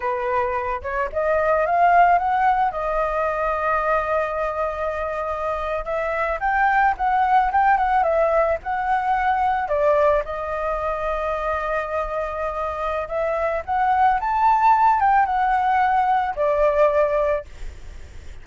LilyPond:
\new Staff \with { instrumentName = "flute" } { \time 4/4 \tempo 4 = 110 b'4. cis''8 dis''4 f''4 | fis''4 dis''2.~ | dis''2~ dis''8. e''4 g''16~ | g''8. fis''4 g''8 fis''8 e''4 fis''16~ |
fis''4.~ fis''16 d''4 dis''4~ dis''16~ | dis''1 | e''4 fis''4 a''4. g''8 | fis''2 d''2 | }